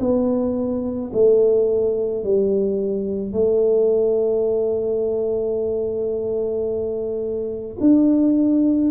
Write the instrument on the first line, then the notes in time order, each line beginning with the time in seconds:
tuba
0.00 B3
1.13 A3
2.24 G3
3.32 A3
7.80 D4